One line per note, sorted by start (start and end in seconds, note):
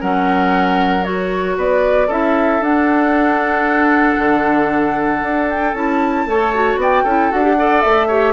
0.00 1.57 F#3
0.00 1.03 C#4
0.00 1.57 A#4
0.00 1.03 F#5
1.03 2.07 F#4
1.03 1.56 C#5
1.57 2.08 B3
1.57 2.07 B4
1.57 2.11 D5
2.07 2.60 C#4
2.07 2.62 E4
2.07 6.25 A4
2.07 2.63 E5
2.60 4.16 D4
2.60 5.75 D4
2.60 5.50 F#5
4.18 5.22 D3
5.22 5.73 D4
5.50 5.74 G5
5.73 6.25 C#4
5.73 6.27 E4
5.73 6.78 A5
6.25 6.76 A3
6.25 6.54 A4
6.25 6.80 C#5
6.54 7.06 F#4
6.76 7.02 B3
6.76 7.03 D5
6.76 7.31 G5
7.03 7.30 C#4
7.03 7.30 E4
7.03 7.55 A4
7.30 7.84 D4
7.30 7.43 F#4
7.30 7.81 F#5
7.43 7.56 G4
7.58 8.10 A4
7.58 8.07 D5
7.81 8.32 A3
7.81 8.32 E5
8.07 8.32 G4
8.07 8.32 C#5